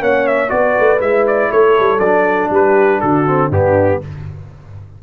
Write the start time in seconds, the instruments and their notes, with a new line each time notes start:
0.00 tuba A#3, trombone C#4, horn C#5, trumpet F#5
0.27 trumpet E5
0.48 tuba B3, trombone F#4, horn B4, trumpet D5
0.79 tuba A3
0.99 tuba G#3, trombone E4, trumpet E5
1.27 trumpet D5
1.51 tuba A3, horn A4, trumpet C#5
1.79 tuba G3
1.99 tuba F#3, trombone D4, trumpet D5
2.50 tuba G3, horn G4, trumpet B4
3.01 tuba D3, horn F#4, trumpet A4
3.27 trombone C4
3.49 tuba G2, trombone B3, horn D4, trumpet G4